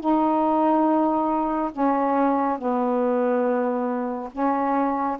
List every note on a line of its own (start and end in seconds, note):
0.00 1.71 D#4
1.72 2.58 C#4
2.58 4.30 B3
4.32 5.18 C#4